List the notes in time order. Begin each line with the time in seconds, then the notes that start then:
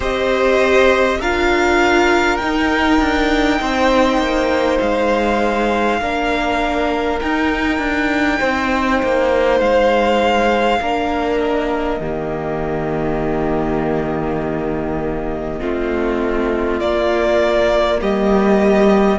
0.00 C4 G4 C5 D#5
1.19 D4 F4 A#4 F5
2.37 D#4 G5
3.00 D4
3.60 C4 C5
4.18 A#3
4.79 G#3 F5
6.00 A#3 D4 A#4
7.20 D#4 G5
7.78 D4
8.38 C4 C5
9.02 A#3
9.60 G#3 F5
10.80 A#3 D4 A#4
11.39 D#5
12.00 D#3 A#3 G4
15.59 A3 C4 F4
16.80 A#3 D5
18.01 G3 G4 D#5